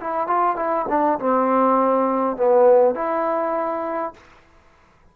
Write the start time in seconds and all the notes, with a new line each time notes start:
0.00 E4
0.27 F4
0.56 E4
0.89 D4
1.19 C4
2.37 B3
2.95 E4